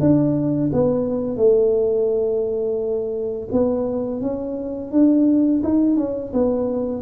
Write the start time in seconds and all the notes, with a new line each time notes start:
0.00 D4
0.73 B3
1.36 A3
3.52 B3
4.21 C#4
4.91 D4
5.63 D#4
5.96 C#4
6.33 B3